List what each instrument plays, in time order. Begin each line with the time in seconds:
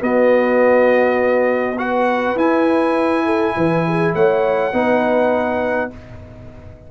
0.00 trombone B3, tuba B3, horn F#4, trumpet D#5
1.78 trombone F#4, horn B4, trumpet F#5
2.36 tuba E4, trombone E4, trumpet G#5
3.25 horn A4
3.57 tuba E3, horn B4
3.87 horn G#4
4.14 tuba A3, horn C#5, trumpet F#5
4.73 tuba B3, trombone D#4, horn B4